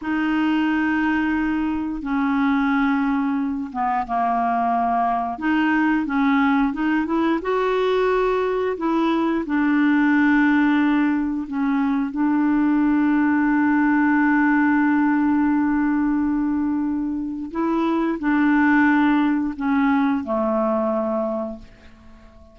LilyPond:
\new Staff \with { instrumentName = "clarinet" } { \time 4/4 \tempo 4 = 89 dis'2. cis'4~ | cis'4. b8 ais2 | dis'4 cis'4 dis'8 e'8 fis'4~ | fis'4 e'4 d'2~ |
d'4 cis'4 d'2~ | d'1~ | d'2 e'4 d'4~ | d'4 cis'4 a2 | }